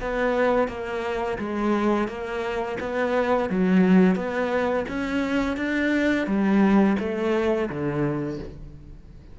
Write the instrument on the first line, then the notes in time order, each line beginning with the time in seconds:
cello
0.00 B3
0.68 A#3
1.38 G#3
2.07 A#3
2.79 B3
3.49 F#3
4.15 B3
4.88 C#4
5.57 D4
6.26 G3
6.99 A3
7.69 D3